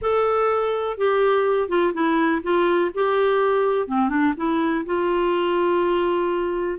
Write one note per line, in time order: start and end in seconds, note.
0.01 0.97 A4
0.97 1.68 G4
1.68 1.92 F4
1.93 2.42 E4
2.42 2.91 F4
2.94 3.87 G4
3.87 4.09 C4
4.09 4.33 D4
4.36 4.85 E4
4.85 6.79 F4